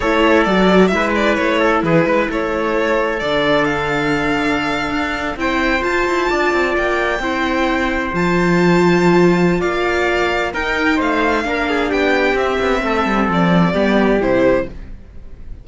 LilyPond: <<
  \new Staff \with { instrumentName = "violin" } { \time 4/4 \tempo 4 = 131 cis''4 d''4 e''8 d''8 cis''4 | b'4 cis''2 d''4 | f''2.~ f''8. g''16~ | g''8. a''2 g''4~ g''16~ |
g''4.~ g''16 a''2~ a''16~ | a''4 f''2 g''4 | f''2 g''4 e''4~ | e''4 d''2 c''4 | }
  \new Staff \with { instrumentName = "trumpet" } { \time 4/4 a'2 b'4. a'8 | gis'8 b'8 a'2.~ | a'2.~ a'8. c''16~ | c''4.~ c''16 d''2 c''16~ |
c''1~ | c''4 d''2 ais'4 | c''4 ais'8 gis'8 g'2 | a'2 g'2 | }
  \new Staff \with { instrumentName = "viola" } { \time 4/4 e'4 fis'4 e'2~ | e'2. d'4~ | d'2.~ d'8. e'16~ | e'8. f'2. e'16~ |
e'4.~ e'16 f'2~ f'16~ | f'2. dis'4~ | dis'4 d'2 c'4~ | c'2 b4 e'4 | }
  \new Staff \with { instrumentName = "cello" } { \time 4/4 a4 fis4 gis4 a4 | e8 gis8 a2 d4~ | d2~ d8. d'4 c'16~ | c'8. f'8 e'8 d'8 c'8 ais4 c'16~ |
c'4.~ c'16 f2~ f16~ | f4 ais2 dis'4 | a4 ais4 b4 c'8 b8 | a8 g8 f4 g4 c4 | }
>>